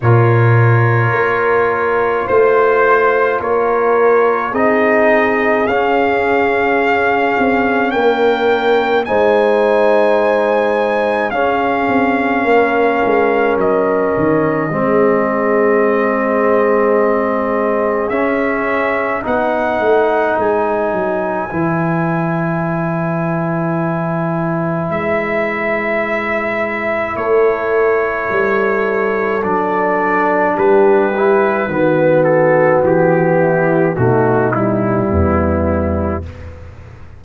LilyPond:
<<
  \new Staff \with { instrumentName = "trumpet" } { \time 4/4 \tempo 4 = 53 cis''2 c''4 cis''4 | dis''4 f''2 g''4 | gis''2 f''2 | dis''1 |
e''4 fis''4 gis''2~ | gis''2 e''2 | cis''2 d''4 b'4~ | b'8 a'8 g'4 fis'8 e'4. | }
  \new Staff \with { instrumentName = "horn" } { \time 4/4 ais'2 c''4 ais'4 | gis'2. ais'4 | c''2 gis'4 ais'4~ | ais'4 gis'2.~ |
gis'4 b'2.~ | b'1 | a'2. g'4 | fis'4. e'8 dis'4 b4 | }
  \new Staff \with { instrumentName = "trombone" } { \time 4/4 f'1 | dis'4 cis'2. | dis'2 cis'2~ | cis'4 c'2. |
cis'4 dis'2 e'4~ | e'1~ | e'2 d'4. e'8 | b2 a8 g4. | }
  \new Staff \with { instrumentName = "tuba" } { \time 4/4 ais,4 ais4 a4 ais4 | c'4 cis'4. c'8 ais4 | gis2 cis'8 c'8 ais8 gis8 | fis8 dis8 gis2. |
cis'4 b8 a8 gis8 fis8 e4~ | e2 gis2 | a4 g4 fis4 g4 | dis4 e4 b,4 e,4 | }
>>